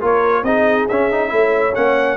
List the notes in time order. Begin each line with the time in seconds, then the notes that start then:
0.00 A#3 F4 A#4 C#5
0.43 C4 D#4 G#4 D#5
0.89 C#4 E5
1.12 D#4
1.29 A3 E4 C#5
1.75 A#3 C#4 F#5